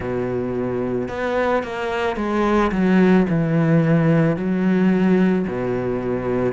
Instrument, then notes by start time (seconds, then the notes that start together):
cello
0.00 B2
1.08 B3
1.63 A#3
2.16 G#3
2.71 F#3
3.29 E3
4.36 F#3
5.47 B2